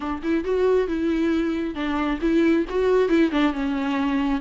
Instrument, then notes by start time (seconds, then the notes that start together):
viola
0.00 D4
0.22 E4
0.44 F#4
0.87 E4
1.74 D4
2.21 E4
2.69 F#4
3.09 E4
3.31 D4
3.53 C#4